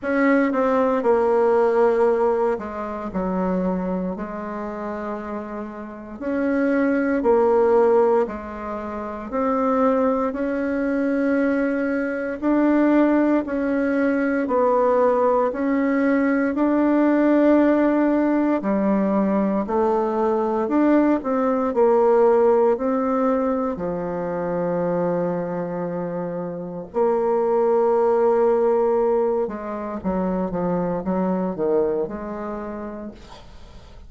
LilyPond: \new Staff \with { instrumentName = "bassoon" } { \time 4/4 \tempo 4 = 58 cis'8 c'8 ais4. gis8 fis4 | gis2 cis'4 ais4 | gis4 c'4 cis'2 | d'4 cis'4 b4 cis'4 |
d'2 g4 a4 | d'8 c'8 ais4 c'4 f4~ | f2 ais2~ | ais8 gis8 fis8 f8 fis8 dis8 gis4 | }